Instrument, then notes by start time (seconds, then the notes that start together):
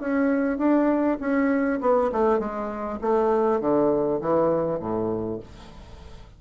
bassoon
0.00 C#4
0.58 D4
1.20 C#4
1.81 B3
2.12 A3
2.39 G#3
3.01 A3
3.60 D3
4.21 E3
4.80 A2